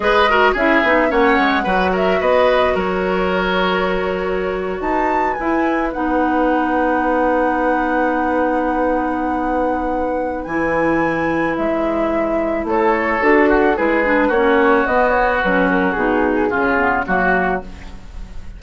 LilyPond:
<<
  \new Staff \with { instrumentName = "flute" } { \time 4/4 \tempo 4 = 109 dis''4 e''4 fis''4. e''8 | dis''4 cis''2.~ | cis''8. a''4 gis''4 fis''4~ fis''16~ | fis''1~ |
fis''2. gis''4~ | gis''4 e''2 cis''4 | a'4 b'4 cis''4 dis''8 cis''8 | b'8 ais'8 gis'2 fis'4 | }
  \new Staff \with { instrumentName = "oboe" } { \time 4/4 b'8 ais'8 gis'4 cis''4 b'8 ais'8 | b'4 ais'2.~ | ais'8. b'2.~ b'16~ | b'1~ |
b'1~ | b'2. a'4~ | a'8 fis'8 gis'4 fis'2~ | fis'2 f'4 fis'4 | }
  \new Staff \with { instrumentName = "clarinet" } { \time 4/4 gis'8 fis'8 e'8 dis'8 cis'4 fis'4~ | fis'1~ | fis'4.~ fis'16 e'4 dis'4~ dis'16~ | dis'1~ |
dis'2. e'4~ | e'1 | fis'4 e'8 d'8 cis'4 b4 | cis'4 dis'4 cis'8 b8 ais4 | }
  \new Staff \with { instrumentName = "bassoon" } { \time 4/4 gis4 cis'8 b8 ais8 gis8 fis4 | b4 fis2.~ | fis8. dis'4 e'4 b4~ b16~ | b1~ |
b2. e4~ | e4 gis2 a4 | d'4 gis4 ais4 b4 | fis4 b,4 cis4 fis4 | }
>>